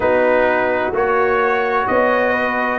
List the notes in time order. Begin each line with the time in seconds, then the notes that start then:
0.00 B3 D#4 F#4 B4
0.92 A#3 F#4 C#5
1.87 B3 C#5 D#5
2.32 B4